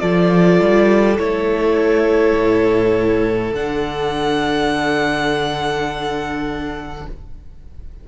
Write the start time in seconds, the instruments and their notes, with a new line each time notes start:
0.00 cello F3, viola F4, violin A4 D5
0.61 cello G3
1.18 cello A3, viola E4, violin C#5
2.34 cello A2
3.53 cello D3, viola D4, violin F#5